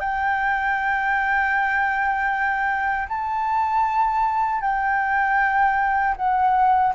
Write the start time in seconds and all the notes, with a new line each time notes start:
0.00 G5
3.08 A5
4.61 G5
6.16 F#5